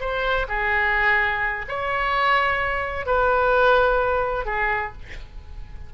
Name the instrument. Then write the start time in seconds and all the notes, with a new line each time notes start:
oboe
0.00 C5
0.48 G#4
1.68 C#5
3.06 B4
4.46 G#4